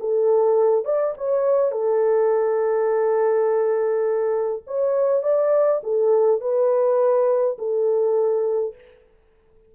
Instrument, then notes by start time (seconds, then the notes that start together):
horn
0.00 A4
0.85 D5
1.17 C#5
1.72 A4
4.67 C#5
5.23 D5
5.83 A4
6.41 B4
7.58 A4